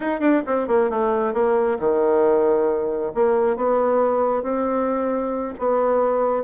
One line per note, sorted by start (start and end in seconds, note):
0.00 0.20 D#4
0.20 0.42 D4
0.46 0.67 C4
0.67 0.89 A#3
0.90 1.33 A3
1.33 1.78 A#3
1.79 3.12 D#3
3.14 3.56 A#3
3.56 4.42 B3
4.42 5.53 C4
5.58 6.43 B3